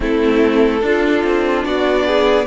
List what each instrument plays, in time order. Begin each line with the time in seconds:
0.00 cello A3, viola C4, violin E4 A4
0.81 cello D4, viola D4, violin F4
1.23 cello C4
1.64 cello B3, violin F#4 D5
2.05 violin G#4